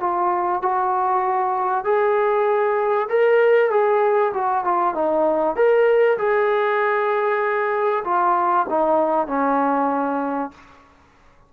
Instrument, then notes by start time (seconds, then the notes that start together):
trombone
0.00 F4
0.62 F#4
1.84 G#4
3.10 A#4
3.71 G#4
4.34 F#4
4.64 F4
4.94 D#4
5.56 A#4
6.18 G#4
8.04 F4
8.70 D#4
9.27 C#4